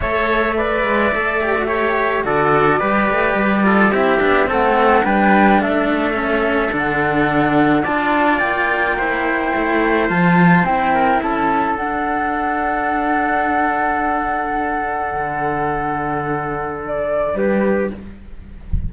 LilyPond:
<<
  \new Staff \with { instrumentName = "flute" } { \time 4/4 \tempo 4 = 107 e''1 | d''2. e''4 | fis''4 g''4 e''2 | fis''2 a''4 g''4~ |
g''2 a''4 g''4 | a''4 fis''2.~ | fis''1~ | fis''2 d''4 b'4 | }
  \new Staff \with { instrumentName = "trumpet" } { \time 4/4 cis''4 d''2 cis''4 | a'4 b'4. a'8 g'4 | a'4 b'4 a'2~ | a'2 d''2 |
c''2.~ c''8 ais'8 | a'1~ | a'1~ | a'2. g'4 | }
  \new Staff \with { instrumentName = "cello" } { \time 4/4 a'4 b'4 a'8 g'16 fis'16 g'4 | fis'4 g'4. f'8 e'8 d'8 | c'4 d'2 cis'4 | d'2 f'2 |
e'2 f'4 e'4~ | e'4 d'2.~ | d'1~ | d'1 | }
  \new Staff \with { instrumentName = "cello" } { \time 4/4 a4. gis8 a2 | d4 g8 a8 g4 c'8 b8 | a4 g4 a2 | d2 d'4 ais4~ |
ais4 a4 f4 c'4 | cis'4 d'2.~ | d'2. d4~ | d2. g4 | }
>>